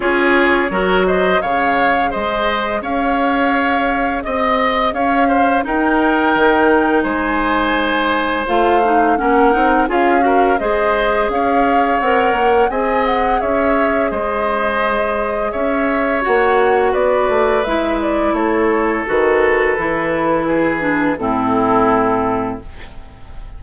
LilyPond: <<
  \new Staff \with { instrumentName = "flute" } { \time 4/4 \tempo 4 = 85 cis''4. dis''8 f''4 dis''4 | f''2 dis''4 f''4 | g''2 gis''2 | f''4 fis''4 f''4 dis''4 |
f''4 fis''4 gis''8 fis''8 e''4 | dis''2 e''4 fis''4 | d''4 e''8 d''8 cis''4 b'4~ | b'2 a'2 | }
  \new Staff \with { instrumentName = "oboe" } { \time 4/4 gis'4 ais'8 c''8 cis''4 c''4 | cis''2 dis''4 cis''8 c''8 | ais'2 c''2~ | c''4 ais'4 gis'8 ais'8 c''4 |
cis''2 dis''4 cis''4 | c''2 cis''2 | b'2 a'2~ | a'4 gis'4 e'2 | }
  \new Staff \with { instrumentName = "clarinet" } { \time 4/4 f'4 fis'4 gis'2~ | gis'1 | dis'1 | f'8 dis'8 cis'8 dis'8 f'8 fis'8 gis'4~ |
gis'4 ais'4 gis'2~ | gis'2. fis'4~ | fis'4 e'2 fis'4 | e'4. d'8 c'2 | }
  \new Staff \with { instrumentName = "bassoon" } { \time 4/4 cis'4 fis4 cis4 gis4 | cis'2 c'4 cis'4 | dis'4 dis4 gis2 | a4 ais8 c'8 cis'4 gis4 |
cis'4 c'8 ais8 c'4 cis'4 | gis2 cis'4 ais4 | b8 a8 gis4 a4 dis4 | e2 a,2 | }
>>